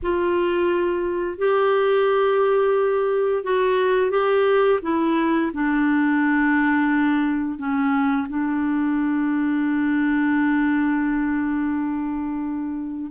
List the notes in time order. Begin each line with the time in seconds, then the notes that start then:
0.02 F4
1.38 G4
3.43 F#4
4.10 G4
4.82 E4
5.53 D4
7.58 C#4
8.29 D4